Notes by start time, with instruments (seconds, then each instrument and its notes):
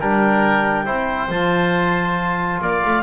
0.00 double bass G3, trombone D4, oboe A#4, clarinet G5
0.86 double bass C4, trombone E4, oboe C5
1.29 double bass F3, trombone F4, clarinet A5
2.61 double bass A#3, oboe D5, clarinet F5
2.86 double bass A3